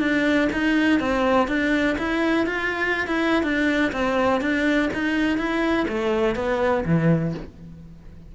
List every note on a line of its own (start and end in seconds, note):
0.00 0.49 D4
0.53 1.00 D#4
1.00 1.48 C4
1.48 1.97 D4
1.98 2.47 E4
2.47 3.07 F4
3.07 3.43 E4
3.43 3.92 D4
3.92 4.41 C4
4.41 4.90 D4
4.93 5.38 D#4
5.38 5.87 E4
5.88 6.36 A3
6.36 6.84 B3
6.86 7.35 E3